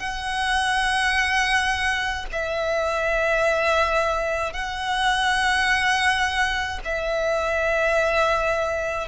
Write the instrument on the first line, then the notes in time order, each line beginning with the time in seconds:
violin
0.00 F#5
2.33 E5
4.53 F#5
6.85 E5